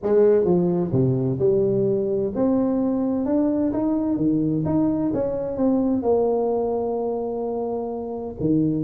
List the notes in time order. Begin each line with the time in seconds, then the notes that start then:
0.02 G#3
0.44 F3
0.92 C3
1.39 G3
2.35 C4
3.25 D4
3.72 D#4
4.16 D#3
4.65 D#4
5.13 C#4
5.56 C4
6.02 A#3
8.40 D#3